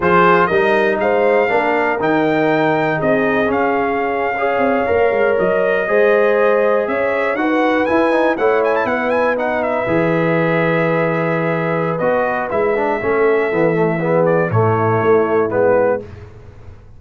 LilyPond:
<<
  \new Staff \with { instrumentName = "trumpet" } { \time 4/4 \tempo 4 = 120 c''4 dis''4 f''2 | g''2 dis''4 f''4~ | f''2~ f''8. dis''4~ dis''16~ | dis''4.~ dis''16 e''4 fis''4 gis''16~ |
gis''8. fis''8 gis''16 a''16 fis''8 gis''8 fis''8 e''8.~ | e''1 | dis''4 e''2.~ | e''8 d''8 cis''2 b'4 | }
  \new Staff \with { instrumentName = "horn" } { \time 4/4 gis'4 ais'4 c''4 ais'4~ | ais'2 gis'2~ | gis'8. cis''2. c''16~ | c''4.~ c''16 cis''4 b'4~ b'16~ |
b'8. cis''4 b'2~ b'16~ | b'1~ | b'2 a'2 | gis'4 e'2. | }
  \new Staff \with { instrumentName = "trombone" } { \time 4/4 f'4 dis'2 d'4 | dis'2. cis'4~ | cis'8. gis'4 ais'2 gis'16~ | gis'2~ gis'8. fis'4 e'16~ |
e'16 dis'8 e'2 dis'4 gis'16~ | gis'1 | fis'4 e'8 d'8 cis'4 b8 a8 | b4 a2 b4 | }
  \new Staff \with { instrumentName = "tuba" } { \time 4/4 f4 g4 gis4 ais4 | dis2 c'4 cis'4~ | cis'4~ cis'16 c'8 ais8 gis8 fis4 gis16~ | gis4.~ gis16 cis'4 dis'4 e'16~ |
e'8. a4 b2 e16~ | e1 | b4 gis4 a4 e4~ | e4 a,4 a4 gis4 | }
>>